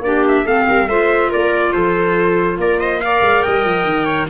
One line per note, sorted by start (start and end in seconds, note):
0.00 0.43 A#3
0.00 0.45 D4
0.00 0.24 D5
0.06 0.45 G4
0.27 0.47 E5
0.45 0.67 A3
0.45 0.88 C4
0.45 0.66 A4
0.45 0.88 F5
0.68 0.87 G3
0.68 0.89 A#4
0.87 1.30 A3
0.87 3.02 F4
0.87 1.29 C5
0.87 1.30 E5
1.29 1.74 A#3
1.29 1.72 A#4
1.29 1.72 D5
1.72 2.57 F3
1.72 2.58 A4
1.72 2.57 C5
2.57 3.21 A#3
2.57 2.80 A#4
2.57 2.79 D5
2.79 3.01 C5
2.79 3.00 D#5
3.00 4.29 A#4
3.00 3.44 D5
3.00 3.42 F5
3.21 3.42 G#3
3.42 3.64 G3
3.42 4.05 D#5
3.42 4.27 G5
3.64 3.84 F3
3.84 4.27 D#3
4.05 4.26 C#5